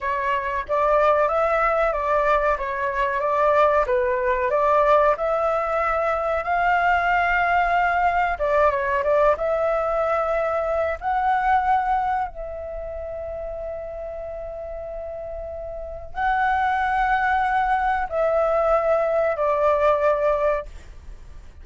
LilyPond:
\new Staff \with { instrumentName = "flute" } { \time 4/4 \tempo 4 = 93 cis''4 d''4 e''4 d''4 | cis''4 d''4 b'4 d''4 | e''2 f''2~ | f''4 d''8 cis''8 d''8 e''4.~ |
e''4 fis''2 e''4~ | e''1~ | e''4 fis''2. | e''2 d''2 | }